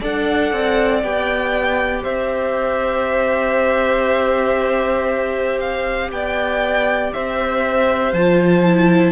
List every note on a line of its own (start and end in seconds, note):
0.00 0.52 D4
0.00 1.02 A4
0.00 2.03 D5
0.00 1.03 F#5
0.52 1.03 C4
1.03 2.04 B3
1.03 8.15 G4
1.03 2.04 G5
2.03 6.11 C4
2.03 6.09 C5
2.03 5.60 E5
5.60 6.10 F5
6.11 7.12 B3
6.11 7.14 D5
6.11 7.12 G5
7.12 8.12 C4
7.12 9.12 C5
7.12 8.13 E5
8.12 9.12 F3
8.12 8.64 F4
8.12 9.12 A5
8.64 9.12 E4